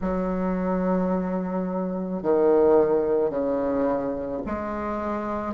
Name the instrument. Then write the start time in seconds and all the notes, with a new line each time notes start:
bassoon
0.01 F#3
2.22 D#3
3.30 C#3
4.45 G#3